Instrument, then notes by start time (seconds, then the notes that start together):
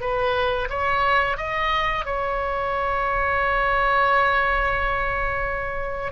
oboe
0.00 B4
0.69 C#5
1.37 D#5
2.05 C#5